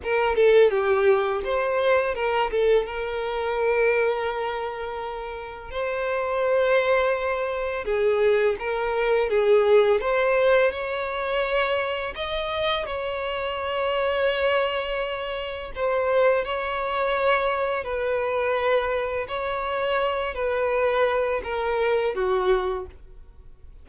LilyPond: \new Staff \with { instrumentName = "violin" } { \time 4/4 \tempo 4 = 84 ais'8 a'8 g'4 c''4 ais'8 a'8 | ais'1 | c''2. gis'4 | ais'4 gis'4 c''4 cis''4~ |
cis''4 dis''4 cis''2~ | cis''2 c''4 cis''4~ | cis''4 b'2 cis''4~ | cis''8 b'4. ais'4 fis'4 | }